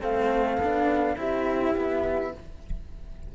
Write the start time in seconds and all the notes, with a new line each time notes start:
0.00 A3 C4 A4 F5
0.57 B3 D4
1.16 C4 E4 G4 E5
1.76 B3